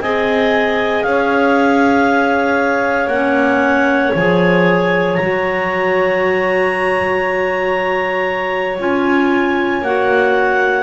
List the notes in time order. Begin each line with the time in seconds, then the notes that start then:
0.00 C4 G#4 D#5 G#5
1.02 C#4 C#5 F5
3.07 A#3 C#4 F#5
4.15 F3 G#4 G#5
5.15 F#3 F#4 A#5
8.79 C#4 F4 G#5
9.82 A#3 F#4 F#5